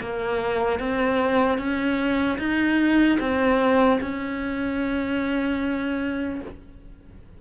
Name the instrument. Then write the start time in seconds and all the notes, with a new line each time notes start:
cello
0.00 A#3
0.79 C4
1.58 C#4
2.38 D#4
3.20 C4
4.01 C#4